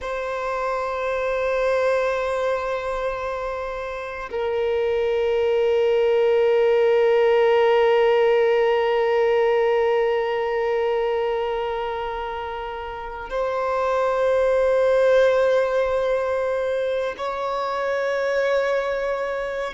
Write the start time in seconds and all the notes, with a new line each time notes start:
0.01 C5
4.31 A#4
13.29 C5
17.17 C#5